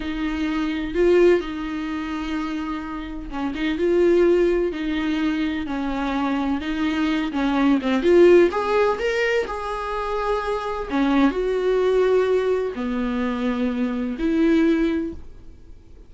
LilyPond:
\new Staff \with { instrumentName = "viola" } { \time 4/4 \tempo 4 = 127 dis'2 f'4 dis'4~ | dis'2. cis'8 dis'8 | f'2 dis'2 | cis'2 dis'4. cis'8~ |
cis'8 c'8 f'4 gis'4 ais'4 | gis'2. cis'4 | fis'2. b4~ | b2 e'2 | }